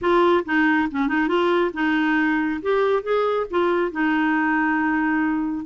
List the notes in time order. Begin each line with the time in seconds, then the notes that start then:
0.01 F4
0.45 D#4
0.91 C#4
1.08 D#4
1.27 F4
1.73 D#4
2.62 G4
3.02 G#4
3.50 F4
3.91 D#4